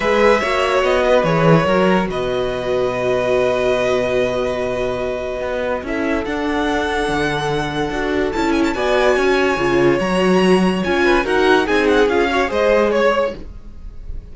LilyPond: <<
  \new Staff \with { instrumentName = "violin" } { \time 4/4 \tempo 4 = 144 e''2 dis''4 cis''4~ | cis''4 dis''2.~ | dis''1~ | dis''2 e''4 fis''4~ |
fis''1 | a''8 gis''16 a''16 gis''2. | ais''2 gis''4 fis''4 | gis''8 fis''8 f''4 dis''4 cis''4 | }
  \new Staff \with { instrumentName = "violin" } { \time 4/4 b'4 cis''4. b'4. | ais'4 b'2.~ | b'1~ | b'2 a'2~ |
a'1~ | a'4 d''4 cis''2~ | cis''2~ cis''8 b'8 ais'4 | gis'4. cis''8 c''4 cis''4 | }
  \new Staff \with { instrumentName = "viola" } { \time 4/4 gis'4 fis'2 gis'4 | fis'1~ | fis'1~ | fis'2 e'4 d'4~ |
d'2. fis'4 | e'4 fis'2 f'4 | fis'2 f'4 fis'4 | dis'4 f'8 fis'8 gis'2 | }
  \new Staff \with { instrumentName = "cello" } { \time 4/4 gis4 ais4 b4 e4 | fis4 b,2.~ | b,1~ | b,4 b4 cis'4 d'4~ |
d'4 d2 d'4 | cis'4 b4 cis'4 cis4 | fis2 cis'4 dis'4 | c'4 cis'4 gis2 | }
>>